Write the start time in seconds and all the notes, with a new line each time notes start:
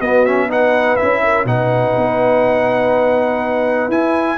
0.00 B3 F#4 D#5
0.25 C#4 E5
0.47 D#4 B4 F#5
0.96 E4 E5
1.02 C#4
1.23 A#4
1.45 B2 D#4 B4 F#5
1.97 B3
3.89 E4 G#5